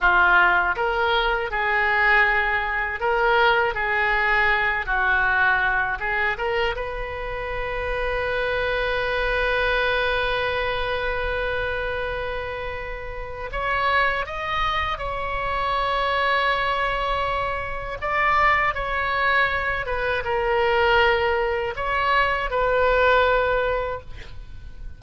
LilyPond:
\new Staff \with { instrumentName = "oboe" } { \time 4/4 \tempo 4 = 80 f'4 ais'4 gis'2 | ais'4 gis'4. fis'4. | gis'8 ais'8 b'2.~ | b'1~ |
b'2 cis''4 dis''4 | cis''1 | d''4 cis''4. b'8 ais'4~ | ais'4 cis''4 b'2 | }